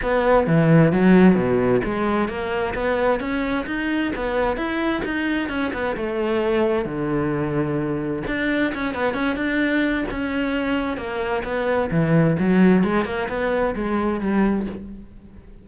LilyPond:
\new Staff \with { instrumentName = "cello" } { \time 4/4 \tempo 4 = 131 b4 e4 fis4 b,4 | gis4 ais4 b4 cis'4 | dis'4 b4 e'4 dis'4 | cis'8 b8 a2 d4~ |
d2 d'4 cis'8 b8 | cis'8 d'4. cis'2 | ais4 b4 e4 fis4 | gis8 ais8 b4 gis4 g4 | }